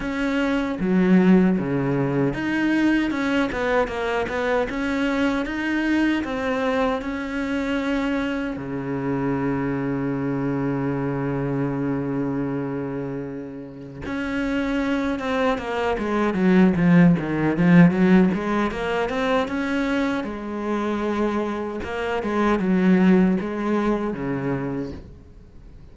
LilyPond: \new Staff \with { instrumentName = "cello" } { \time 4/4 \tempo 4 = 77 cis'4 fis4 cis4 dis'4 | cis'8 b8 ais8 b8 cis'4 dis'4 | c'4 cis'2 cis4~ | cis1~ |
cis2 cis'4. c'8 | ais8 gis8 fis8 f8 dis8 f8 fis8 gis8 | ais8 c'8 cis'4 gis2 | ais8 gis8 fis4 gis4 cis4 | }